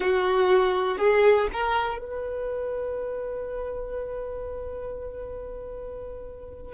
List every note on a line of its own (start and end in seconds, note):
0.00 0.98 F#4
0.98 1.48 G#4
1.53 1.98 A#4
1.98 6.73 B4